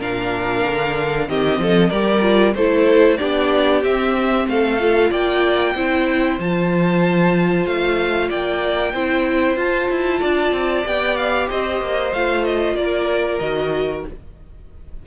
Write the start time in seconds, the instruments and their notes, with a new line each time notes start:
0.00 cello A#2, viola D4, violin A#4 F5
0.65 cello D3
1.28 cello D#3, viola C4, violin G4 D#5
1.59 cello F3, violin A4
1.90 cello G3, viola G4, violin A#4 D5
2.22 viola F4
2.54 cello A3, viola E4, violin A4 C5
3.17 cello B3, viola D4, violin G4 D5
3.83 cello C4, viola C4, violin E5
4.47 cello A3, violin A4 F5
4.79 viola F4
5.10 cello A#3, violin D5 G5
5.75 cello C4, viola E4, violin C5
6.39 cello F3, viola F4, violin A5
7.66 cello A3, violin F5
8.29 cello A#3, violin D5 G5
8.93 cello C4, viola E4, violin C5
9.57 cello F4, viola F4, violin A5
9.90 cello E4
10.20 cello D4, violin D5
10.52 cello C4
10.85 cello B3, viola G4, violin G5
11.16 violin F5
11.48 cello C4, violin C5 D#5
11.81 cello A#3
12.13 cello A3, viola F4, violin F5
12.45 violin D#5
12.75 cello A#3, violin A#4 D5
13.39 cello D#3, viola F#4, violin D#5